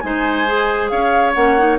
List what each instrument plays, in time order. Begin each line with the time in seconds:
0.00 bassoon G#3, clarinet D#4, oboe C5, flute G#5
0.46 clarinet G#4
0.89 bassoon C#4, oboe C#5, flute F5
1.33 bassoon A#3, clarinet C#4, flute F#5
1.58 clarinet D#4